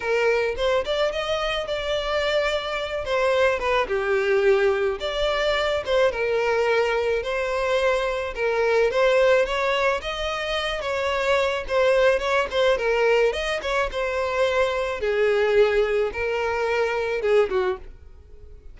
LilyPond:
\new Staff \with { instrumentName = "violin" } { \time 4/4 \tempo 4 = 108 ais'4 c''8 d''8 dis''4 d''4~ | d''4. c''4 b'8 g'4~ | g'4 d''4. c''8 ais'4~ | ais'4 c''2 ais'4 |
c''4 cis''4 dis''4. cis''8~ | cis''4 c''4 cis''8 c''8 ais'4 | dis''8 cis''8 c''2 gis'4~ | gis'4 ais'2 gis'8 fis'8 | }